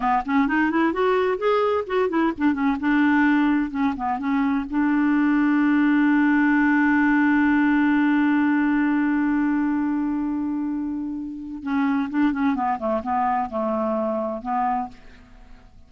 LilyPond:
\new Staff \with { instrumentName = "clarinet" } { \time 4/4 \tempo 4 = 129 b8 cis'8 dis'8 e'8 fis'4 gis'4 | fis'8 e'8 d'8 cis'8 d'2 | cis'8 b8 cis'4 d'2~ | d'1~ |
d'1~ | d'1~ | d'4 cis'4 d'8 cis'8 b8 a8 | b4 a2 b4 | }